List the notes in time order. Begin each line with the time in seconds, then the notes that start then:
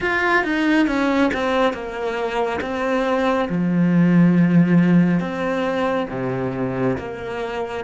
0.00 F4
0.43 D#4
0.87 C#4
1.33 C4
1.73 A#3
2.61 C4
3.49 F3
5.20 C4
6.10 C3
6.98 A#3